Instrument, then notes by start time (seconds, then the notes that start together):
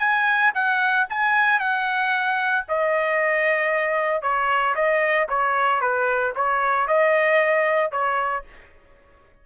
trumpet
0.00 G#5
0.55 F#5
1.10 G#5
1.60 F#5
2.69 D#5
4.22 C#5
4.75 D#5
5.29 C#5
5.81 B4
6.36 C#5
6.88 D#5
7.92 C#5